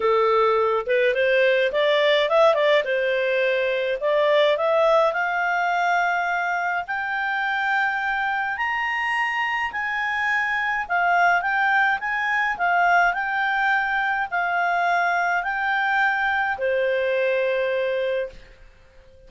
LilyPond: \new Staff \with { instrumentName = "clarinet" } { \time 4/4 \tempo 4 = 105 a'4. b'8 c''4 d''4 | e''8 d''8 c''2 d''4 | e''4 f''2. | g''2. ais''4~ |
ais''4 gis''2 f''4 | g''4 gis''4 f''4 g''4~ | g''4 f''2 g''4~ | g''4 c''2. | }